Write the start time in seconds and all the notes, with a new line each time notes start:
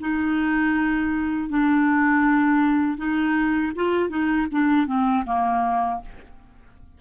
0.00 D#4
1.49 D4
2.97 D#4
3.75 F4
4.09 D#4
4.51 D4
4.86 C4
5.26 A#3